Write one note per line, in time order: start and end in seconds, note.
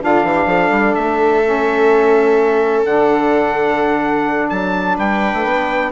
0.00 0.23 D3
0.00 1.42 D4
0.00 0.27 F4
0.00 0.94 F5
0.23 0.46 E3
0.23 0.47 G4
0.46 0.69 F3
0.46 4.95 A4
0.70 0.94 G3
0.94 2.84 A3
0.94 2.83 E5
1.44 2.86 C#4
2.84 4.50 D3
2.84 5.91 D4
2.84 4.49 F#5
4.49 4.97 F#3
4.49 4.96 A5
4.96 5.33 G3
4.96 5.90 B4
4.96 5.91 G5
5.33 5.44 A3
5.44 5.91 B3